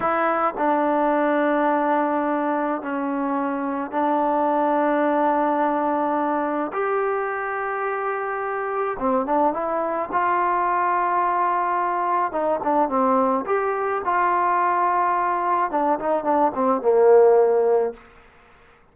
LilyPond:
\new Staff \with { instrumentName = "trombone" } { \time 4/4 \tempo 4 = 107 e'4 d'2.~ | d'4 cis'2 d'4~ | d'1 | g'1 |
c'8 d'8 e'4 f'2~ | f'2 dis'8 d'8 c'4 | g'4 f'2. | d'8 dis'8 d'8 c'8 ais2 | }